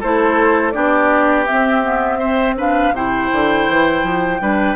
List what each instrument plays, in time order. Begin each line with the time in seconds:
0.00 bassoon A3, clarinet E4, oboe A4, flute C5
0.71 bassoon B3, clarinet D4, oboe G4, flute D5
1.46 clarinet C4, bassoon C4, flute E5
1.83 clarinet B3
2.19 clarinet C4, oboe C5
2.57 clarinet D4, oboe B4, flute F5
2.91 bassoon C3, clarinet E4, oboe C5, flute G5
3.32 bassoon D3
3.68 bassoon E3
4.03 bassoon F3
4.41 bassoon G3, clarinet D4, oboe B4